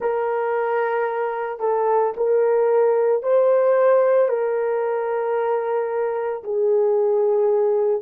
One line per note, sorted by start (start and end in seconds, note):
0.00 1.59 A#4
1.59 2.13 A4
2.17 3.22 A#4
3.22 4.28 C5
4.28 6.42 A#4
6.43 8.01 G#4